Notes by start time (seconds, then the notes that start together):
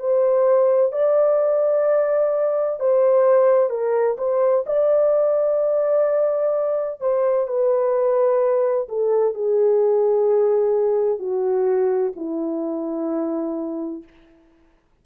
0.00 C5
0.92 D5
2.80 C5
3.70 A#4
4.18 C5
4.67 D5
7.01 C5
7.47 B4
8.89 A4
9.35 G#4
11.19 F#4
12.16 E4